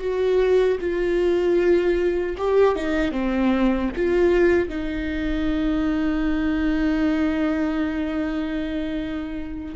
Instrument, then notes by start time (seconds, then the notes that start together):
viola
0.00 F#4
0.81 F4
2.38 G4
2.76 D#4
3.12 C4
3.96 F4
4.69 D#4